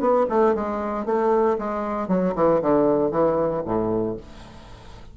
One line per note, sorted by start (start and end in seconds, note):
0.00 0.26 B3
0.29 0.55 A3
0.55 1.05 G#3
1.05 1.57 A3
1.58 2.08 G#3
2.08 2.34 F#3
2.35 2.61 E3
2.61 3.11 D3
3.11 3.63 E3
3.65 4.17 A2